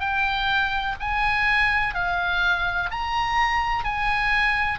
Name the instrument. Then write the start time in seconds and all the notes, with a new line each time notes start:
oboe
0.00 G5
1.00 G#5
1.95 F5
2.91 A#5
3.84 G#5